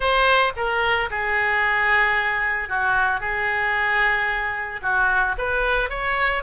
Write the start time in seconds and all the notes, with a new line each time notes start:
0.00 C5
0.56 A#4
1.10 G#4
2.68 F#4
3.20 G#4
4.82 F#4
5.38 B4
5.89 C#5